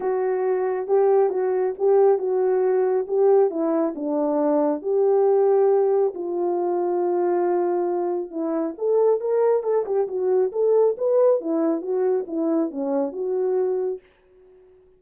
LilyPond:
\new Staff \with { instrumentName = "horn" } { \time 4/4 \tempo 4 = 137 fis'2 g'4 fis'4 | g'4 fis'2 g'4 | e'4 d'2 g'4~ | g'2 f'2~ |
f'2. e'4 | a'4 ais'4 a'8 g'8 fis'4 | a'4 b'4 e'4 fis'4 | e'4 cis'4 fis'2 | }